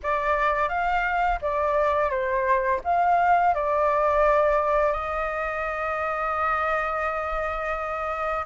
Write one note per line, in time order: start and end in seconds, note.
0.02 0.68 D5
0.68 1.39 F5
1.41 2.10 D5
2.10 2.80 C5
2.84 3.54 F5
3.54 4.92 D5
4.92 8.45 D#5